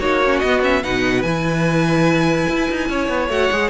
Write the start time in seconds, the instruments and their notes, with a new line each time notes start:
0.00 cello A#3, viola D#4, violin F#4 C#5
0.25 viola C#4
0.40 cello B3, viola B3, violin D#5
0.62 viola C#4, violin E5
0.83 cello B2, viola D#4, violin B4 F#5
1.22 cello E3, viola E4, violin G#5
2.49 cello E4
2.70 cello D#4
2.89 cello C#4, violin C#5
3.08 cello B3
3.29 cello A3, viola F#4, violin F#5
3.51 cello G#3, viola G#4